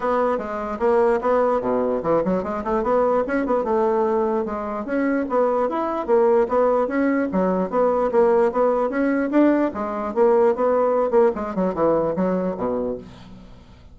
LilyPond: \new Staff \with { instrumentName = "bassoon" } { \time 4/4 \tempo 4 = 148 b4 gis4 ais4 b4 | b,4 e8 fis8 gis8 a8 b4 | cis'8 b8 a2 gis4 | cis'4 b4 e'4 ais4 |
b4 cis'4 fis4 b4 | ais4 b4 cis'4 d'4 | gis4 ais4 b4. ais8 | gis8 fis8 e4 fis4 b,4 | }